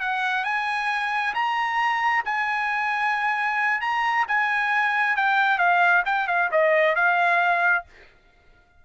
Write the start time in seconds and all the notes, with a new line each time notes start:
0.00 F#5
0.44 G#5
1.34 A#5
2.25 G#5
3.81 A#5
4.28 G#5
5.16 G5
5.58 F5
6.05 G5
6.27 F5
6.51 D#5
6.95 F5